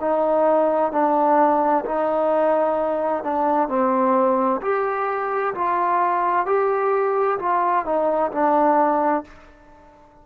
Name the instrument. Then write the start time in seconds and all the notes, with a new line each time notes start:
trombone
0.00 D#4
0.91 D4
1.85 D#4
3.23 D4
3.68 C4
4.62 G4
5.54 F4
6.46 G4
7.38 F4
7.85 D#4
8.31 D4